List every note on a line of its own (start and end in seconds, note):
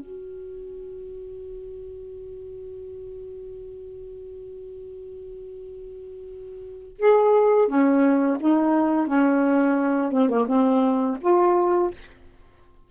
0.00 6.98 F#4
6.99 7.68 G#4
7.68 8.38 C#4
8.41 9.07 D#4
9.07 10.12 C#4
10.12 10.30 C4
10.30 10.47 A#3
10.48 11.18 C4
11.21 11.91 F4